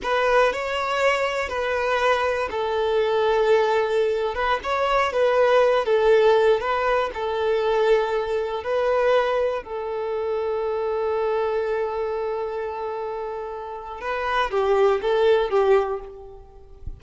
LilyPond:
\new Staff \with { instrumentName = "violin" } { \time 4/4 \tempo 4 = 120 b'4 cis''2 b'4~ | b'4 a'2.~ | a'8. b'8 cis''4 b'4. a'16~ | a'4~ a'16 b'4 a'4.~ a'16~ |
a'4~ a'16 b'2 a'8.~ | a'1~ | a'1 | b'4 g'4 a'4 g'4 | }